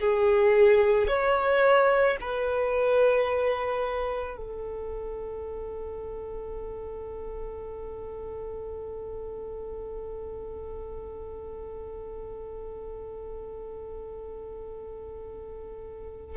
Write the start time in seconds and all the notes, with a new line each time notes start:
0.00 G#4
1.08 C#5
2.21 B4
4.37 A4